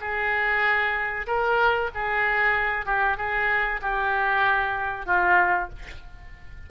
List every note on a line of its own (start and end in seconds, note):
0.00 1.26 G#4
1.27 1.90 A#4
1.94 2.86 G#4
2.86 3.17 G4
3.17 3.80 G#4
3.82 5.06 G4
5.06 5.69 F4